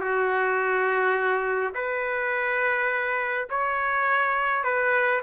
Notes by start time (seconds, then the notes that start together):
0.00 F#4
1.74 B4
3.50 C#5
4.63 B4